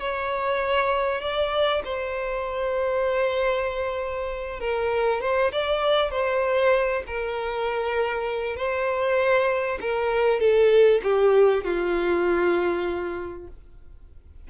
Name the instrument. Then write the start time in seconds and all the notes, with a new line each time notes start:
violin
0.00 C#5
1.22 D5
1.85 C5
4.60 A#4
5.22 C5
5.52 D5
6.11 C5
7.07 A#4
8.57 C5
9.81 A#4
10.40 A4
11.04 G4
11.64 F4